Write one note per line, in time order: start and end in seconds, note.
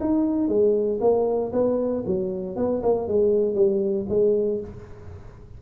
0.00 0.48 D#4
0.48 0.99 G#3
1.00 1.52 A#3
1.52 2.03 B3
2.06 2.56 F#3
2.56 2.82 B3
2.83 3.08 A#3
3.08 3.55 G#3
3.55 4.06 G3
4.09 4.60 G#3